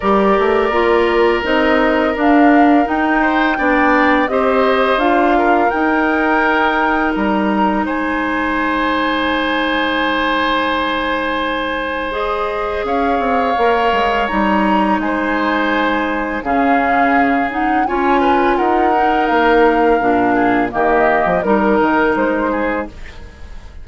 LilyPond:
<<
  \new Staff \with { instrumentName = "flute" } { \time 4/4 \tempo 4 = 84 d''2 dis''4 f''4 | g''2 dis''4 f''4 | g''2 ais''4 gis''4~ | gis''1~ |
gis''4 dis''4 f''2 | ais''4 gis''2 f''4~ | f''8 fis''8 gis''4 fis''4 f''4~ | f''4 dis''4 ais'4 c''4 | }
  \new Staff \with { instrumentName = "oboe" } { \time 4/4 ais'1~ | ais'8 c''8 d''4 c''4. ais'8~ | ais'2. c''4~ | c''1~ |
c''2 cis''2~ | cis''4 c''2 gis'4~ | gis'4 cis''8 b'8 ais'2~ | ais'8 gis'8 g'4 ais'4. gis'8 | }
  \new Staff \with { instrumentName = "clarinet" } { \time 4/4 g'4 f'4 dis'4 d'4 | dis'4 d'4 g'4 f'4 | dis'1~ | dis'1~ |
dis'4 gis'2 ais'4 | dis'2. cis'4~ | cis'8 dis'8 f'4. dis'4. | d'4 ais4 dis'2 | }
  \new Staff \with { instrumentName = "bassoon" } { \time 4/4 g8 a8 ais4 c'4 d'4 | dis'4 b4 c'4 d'4 | dis'2 g4 gis4~ | gis1~ |
gis2 cis'8 c'8 ais8 gis8 | g4 gis2 cis4~ | cis4 cis'4 dis'4 ais4 | ais,4 dis8. f16 g8 dis8 gis4 | }
>>